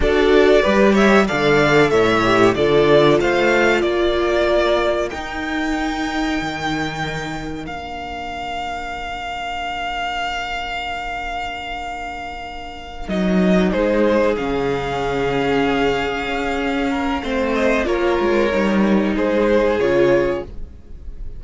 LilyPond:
<<
  \new Staff \with { instrumentName = "violin" } { \time 4/4 \tempo 4 = 94 d''4. e''8 f''4 e''4 | d''4 f''4 d''2 | g''1 | f''1~ |
f''1~ | f''8 dis''4 c''4 f''4.~ | f''2.~ f''8 dis''8 | cis''2 c''4 cis''4 | }
  \new Staff \with { instrumentName = "violin" } { \time 4/4 a'4 b'8 cis''8 d''4 cis''4 | a'4 c''4 ais'2~ | ais'1~ | ais'1~ |
ais'1~ | ais'4. gis'2~ gis'8~ | gis'2~ gis'8 ais'8 c''4 | ais'2 gis'2 | }
  \new Staff \with { instrumentName = "viola" } { \time 4/4 fis'4 g'4 a'4. g'8 | f'1 | dis'1 | d'1~ |
d'1~ | d'8 dis'2 cis'4.~ | cis'2. c'4 | f'4 dis'2 f'4 | }
  \new Staff \with { instrumentName = "cello" } { \time 4/4 d'4 g4 d4 a,4 | d4 a4 ais2 | dis'2 dis2 | ais1~ |
ais1~ | ais8 fis4 gis4 cis4.~ | cis4. cis'4. a4 | ais8 gis8 g4 gis4 cis4 | }
>>